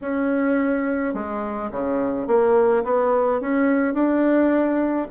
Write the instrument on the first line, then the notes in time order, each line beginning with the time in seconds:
bassoon
0.01 C#4
1.13 G#3
1.71 C#3
2.27 A#3
2.84 B3
3.40 C#4
3.94 D4